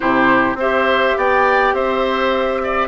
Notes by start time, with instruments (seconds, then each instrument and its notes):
0.00 bassoon C3, clarinet E4, oboe G4, flute C5
0.54 bassoon C4, clarinet G4, oboe C5, flute E5
1.17 bassoon B3, oboe D5, flute G5
1.73 bassoon C4, oboe C5, flute E5
2.63 oboe D5